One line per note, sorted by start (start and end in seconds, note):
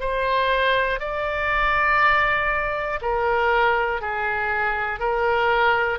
0.00 1.00 C5
1.00 3.00 D5
3.01 4.01 A#4
4.01 5.00 G#4
5.00 5.99 A#4